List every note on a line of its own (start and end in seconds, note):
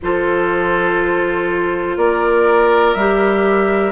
0.02 1.96 F3
0.02 2.97 F4
0.02 1.97 A4
0.02 1.98 C5
1.96 2.95 A#3
1.96 3.91 A#4
1.96 2.94 D5
2.94 3.91 G3
2.94 3.91 G4
2.94 3.91 E5